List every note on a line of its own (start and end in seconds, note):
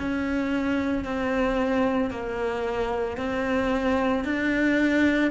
0.00 1.05 C#4
1.05 2.11 C4
2.11 3.18 A#3
3.18 4.25 C4
4.25 5.32 D4